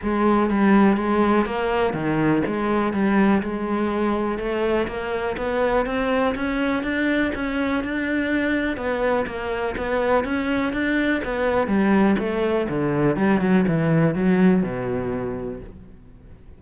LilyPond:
\new Staff \with { instrumentName = "cello" } { \time 4/4 \tempo 4 = 123 gis4 g4 gis4 ais4 | dis4 gis4 g4 gis4~ | gis4 a4 ais4 b4 | c'4 cis'4 d'4 cis'4 |
d'2 b4 ais4 | b4 cis'4 d'4 b4 | g4 a4 d4 g8 fis8 | e4 fis4 b,2 | }